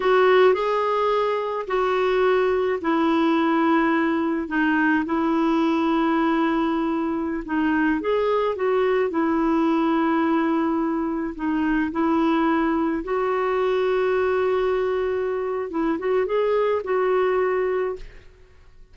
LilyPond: \new Staff \with { instrumentName = "clarinet" } { \time 4/4 \tempo 4 = 107 fis'4 gis'2 fis'4~ | fis'4 e'2. | dis'4 e'2.~ | e'4~ e'16 dis'4 gis'4 fis'8.~ |
fis'16 e'2.~ e'8.~ | e'16 dis'4 e'2 fis'8.~ | fis'1 | e'8 fis'8 gis'4 fis'2 | }